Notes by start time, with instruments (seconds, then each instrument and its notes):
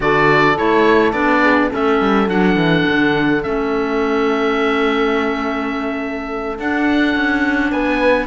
0.00 cello D3, clarinet F#4, horn A4, oboe D5
0.56 cello A3, clarinet E4, oboe C#5
1.12 cello B3, clarinet D4, oboe D5
1.42 horn G#4
1.70 cello A3, clarinet C#4, horn A4, oboe E5
2.00 cello G3
2.28 cello F#3, clarinet D4, oboe F#5
2.55 cello E3
2.88 cello D3
3.42 cello A3, clarinet C#4, oboe E5
6.58 cello D4, clarinet D4, oboe F#5
7.15 cello C#4
7.71 cello B3, horn B4, oboe G#5